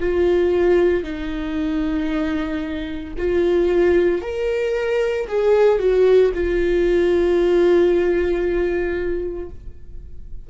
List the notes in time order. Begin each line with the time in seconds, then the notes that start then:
0.00 F4
1.03 D#4
3.18 F4
4.22 A#4
5.28 G#4
5.79 F#4
6.34 F4